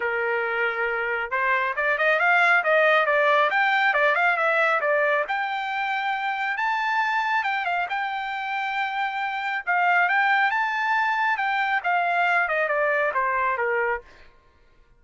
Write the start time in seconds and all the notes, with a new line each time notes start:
0.00 A#4
1.30 C5
1.76 D5
1.98 D#5
2.19 F5
2.63 D#5
3.06 D5
3.50 G5
3.93 D5
4.15 F5
4.36 E5
4.81 D5
5.28 G5
6.57 A5
7.43 G5
7.65 F5
7.89 G5
9.66 F5
10.08 G5
10.50 A5
11.37 G5
11.83 F5
12.48 D#5
12.68 D5
13.14 C5
13.57 A#4